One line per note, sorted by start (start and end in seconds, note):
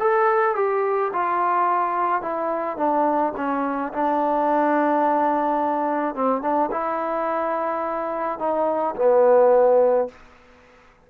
0.00 0.56 A4
0.56 1.12 G4
1.13 2.22 F4
2.22 2.77 E4
2.77 3.33 D4
3.36 3.93 C#4
3.93 6.15 D4
6.15 6.42 C4
6.42 6.70 D4
6.71 8.39 E4
8.39 8.95 D#4
8.96 10.08 B3